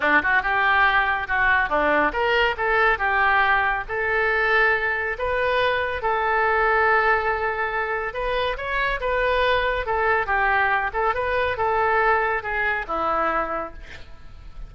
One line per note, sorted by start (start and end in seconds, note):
0.00 0.21 D4
0.22 0.42 F#4
0.42 1.27 G4
1.27 1.69 F#4
1.69 2.12 D4
2.12 2.55 A#4
2.57 2.98 A4
2.98 3.84 G4
3.88 5.17 A4
5.18 6.02 B4
6.02 8.13 A4
8.13 8.56 B4
8.57 8.99 C#5
9.00 9.86 B4
9.86 10.26 A4
10.26 10.90 G4
10.93 11.14 A4
11.14 11.57 B4
11.57 12.42 A4
12.42 12.85 G#4
12.87 13.73 E4